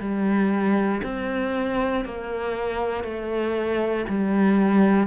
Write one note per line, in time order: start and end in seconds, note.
0.00 1.02 G3
1.03 2.05 C4
2.05 3.04 A#3
3.04 4.05 A3
4.09 5.07 G3